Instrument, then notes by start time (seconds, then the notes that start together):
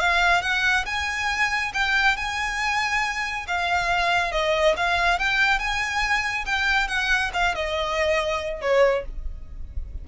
violin
0.00 F5
0.42 F#5
0.86 G#5
1.74 G5
2.17 G#5
3.48 F5
4.32 D#5
4.77 F5
5.19 G5
5.59 G#5
6.46 G5
6.88 F#5
7.34 F5
7.55 D#5
8.62 C#5